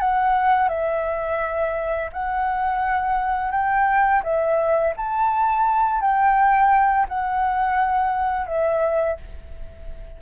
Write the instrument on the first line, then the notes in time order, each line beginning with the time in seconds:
flute
0.00 F#5
0.69 E5
2.13 F#5
3.52 G5
4.24 E5
4.97 A5
6.01 G5
7.09 F#5
8.47 E5